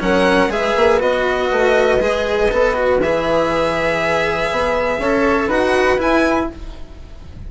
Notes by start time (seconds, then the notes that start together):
0.00 F#3 C#4 A#4 F#5
0.48 G#3 G#4 B4 E5
0.77 A#3
1.00 B3 F#4 D#5
1.52 A3
2.00 G#3 G#4
2.52 B3 A4
2.75 F#4
3.00 E3 G#4 E5
4.52 B3
4.99 C#4 A4 C#5
5.48 D#4 F#4 B4 F#5
5.98 E4 G#5